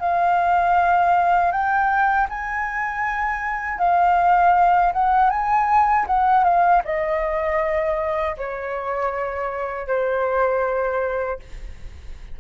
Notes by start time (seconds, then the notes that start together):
0.00 F5
1.52 G5
2.29 G#5
3.78 F5
4.93 F#5
5.30 G#5
6.07 F#5
6.44 F5
6.85 D#5
8.37 C#5
9.87 C5